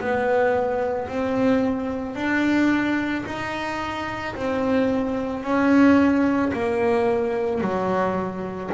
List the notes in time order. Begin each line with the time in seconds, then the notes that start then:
0.00 B3
1.09 C4
2.16 D4
3.26 D#4
4.36 C4
5.43 C#4
6.54 A#3
7.61 F#3